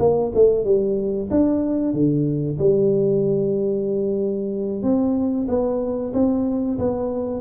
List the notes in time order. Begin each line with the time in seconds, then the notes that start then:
0.00 A#3
0.35 A3
0.65 G3
1.31 D4
1.94 D3
2.59 G3
4.83 C4
5.48 B3
6.14 C4
6.79 B3